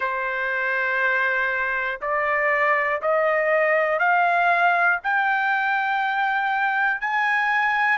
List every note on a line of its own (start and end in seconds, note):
0.00 2.00 C5
2.01 3.01 D5
3.01 3.99 D#5
3.99 4.99 F5
5.03 7.00 G5
7.00 7.98 G#5